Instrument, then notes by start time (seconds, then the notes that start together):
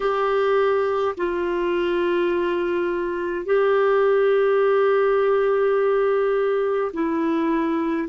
clarinet
0.00 G4
1.17 F4
3.45 G4
6.93 E4